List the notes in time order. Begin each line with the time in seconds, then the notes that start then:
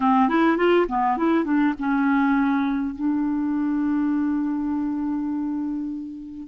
0.00 C4
0.28 E4
0.57 F4
0.88 B3
1.17 E4
1.44 D4
1.78 C#4
2.95 D4